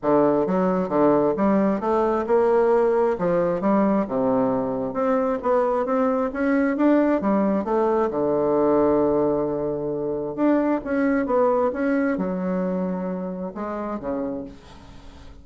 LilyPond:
\new Staff \with { instrumentName = "bassoon" } { \time 4/4 \tempo 4 = 133 d4 fis4 d4 g4 | a4 ais2 f4 | g4 c2 c'4 | b4 c'4 cis'4 d'4 |
g4 a4 d2~ | d2. d'4 | cis'4 b4 cis'4 fis4~ | fis2 gis4 cis4 | }